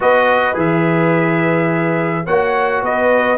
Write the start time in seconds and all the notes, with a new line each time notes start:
0.00 B3 F#4 B4 D#5
0.54 E3 G#4 E5
2.25 A#3 F#4 C#5 F#5
2.82 B3 B4 D#5